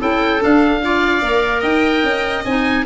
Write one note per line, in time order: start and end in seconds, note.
0.00 0.42 C#4
0.00 0.39 E4
0.00 0.82 A4
0.00 0.43 G5
0.39 0.80 D4
0.39 1.22 D4
0.39 1.62 F5
0.83 1.22 F4
0.83 1.60 D5
1.22 1.63 A#3
1.22 2.44 A#4
1.60 2.03 D#4
1.60 2.83 D#5
1.60 2.44 G5
2.03 2.44 C#4
2.45 2.85 C4
2.45 2.86 D#4
2.45 2.86 G#5